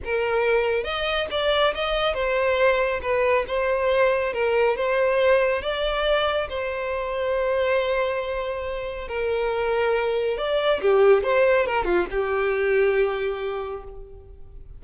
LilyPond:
\new Staff \with { instrumentName = "violin" } { \time 4/4 \tempo 4 = 139 ais'2 dis''4 d''4 | dis''4 c''2 b'4 | c''2 ais'4 c''4~ | c''4 d''2 c''4~ |
c''1~ | c''4 ais'2. | d''4 g'4 c''4 ais'8 f'8 | g'1 | }